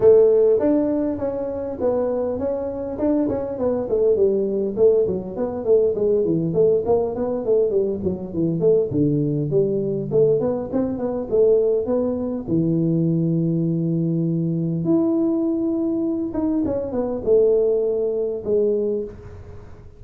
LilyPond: \new Staff \with { instrumentName = "tuba" } { \time 4/4 \tempo 4 = 101 a4 d'4 cis'4 b4 | cis'4 d'8 cis'8 b8 a8 g4 | a8 fis8 b8 a8 gis8 e8 a8 ais8 | b8 a8 g8 fis8 e8 a8 d4 |
g4 a8 b8 c'8 b8 a4 | b4 e2.~ | e4 e'2~ e'8 dis'8 | cis'8 b8 a2 gis4 | }